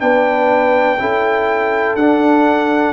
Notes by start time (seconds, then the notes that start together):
0.00 B3 D4 B4 G5
1.00 C#4 E4 A4
1.95 D4 F#5